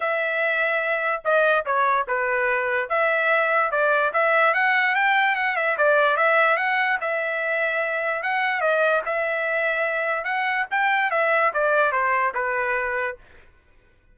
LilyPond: \new Staff \with { instrumentName = "trumpet" } { \time 4/4 \tempo 4 = 146 e''2. dis''4 | cis''4 b'2 e''4~ | e''4 d''4 e''4 fis''4 | g''4 fis''8 e''8 d''4 e''4 |
fis''4 e''2. | fis''4 dis''4 e''2~ | e''4 fis''4 g''4 e''4 | d''4 c''4 b'2 | }